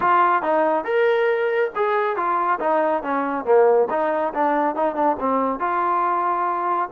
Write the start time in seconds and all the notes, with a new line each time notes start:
0.00 F4
0.42 D#4
0.84 A#4
1.75 G#4
2.16 F4
2.60 D#4
3.02 C#4
3.44 A#3
3.90 D#4
4.34 D4
4.75 D#4
4.95 D4
5.19 C4
5.59 F4